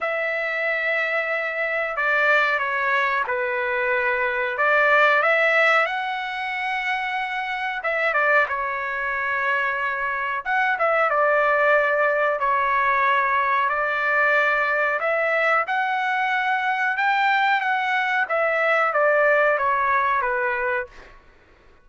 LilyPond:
\new Staff \with { instrumentName = "trumpet" } { \time 4/4 \tempo 4 = 92 e''2. d''4 | cis''4 b'2 d''4 | e''4 fis''2. | e''8 d''8 cis''2. |
fis''8 e''8 d''2 cis''4~ | cis''4 d''2 e''4 | fis''2 g''4 fis''4 | e''4 d''4 cis''4 b'4 | }